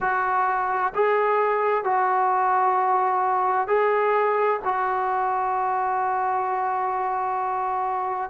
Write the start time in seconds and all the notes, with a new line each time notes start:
0.00 F#4
0.94 G#4
1.84 F#4
3.67 G#4
4.64 F#4